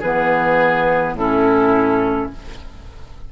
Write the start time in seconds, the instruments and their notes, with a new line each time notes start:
0.00 bassoon E3, clarinet B3, oboe G#4, flute B4
1.13 bassoon A2, clarinet C#4, oboe E4, flute A4